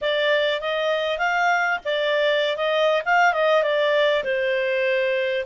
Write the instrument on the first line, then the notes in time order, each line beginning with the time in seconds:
clarinet
0.01 D5
0.60 D#5
1.18 F5
1.84 D5
2.56 D#5
3.05 F5
3.33 D#5
3.63 D5
4.23 C5